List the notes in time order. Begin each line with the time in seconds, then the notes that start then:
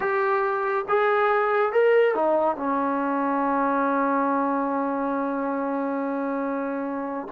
0.00 G4
0.88 G#4
1.72 A#4
2.14 D#4
2.56 C#4